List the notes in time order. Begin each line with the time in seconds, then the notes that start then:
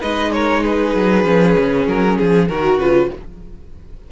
0.00 G#3 D#4 B4 D#5
0.32 A#4 C#5
0.62 G#4 B4
0.94 F#3
1.24 F3 C#4
1.58 C#3
1.87 F#3 A#4
2.17 F3 G#4
2.48 D#3 F#4 A#4
2.78 C#3 F4 B4